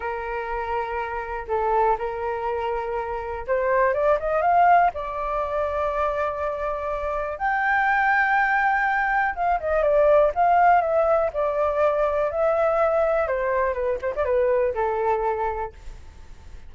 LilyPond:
\new Staff \with { instrumentName = "flute" } { \time 4/4 \tempo 4 = 122 ais'2. a'4 | ais'2. c''4 | d''8 dis''8 f''4 d''2~ | d''2. g''4~ |
g''2. f''8 dis''8 | d''4 f''4 e''4 d''4~ | d''4 e''2 c''4 | b'8 c''16 d''16 b'4 a'2 | }